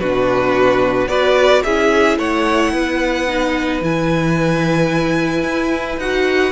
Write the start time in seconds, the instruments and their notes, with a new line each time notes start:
0.00 cello B2, viola D4, violin F#4 B4
1.07 cello B3, viola F#4, violin B4 D5
1.64 cello C#4, viola E4, violin G#4 E5
2.18 cello A3, violin C#5 F#5
2.73 cello B3, violin B4
3.28 viola D#4
3.81 cello E3, viola E4, violin G#5
5.44 cello E4
5.98 cello D#4, viola F#4, violin F#5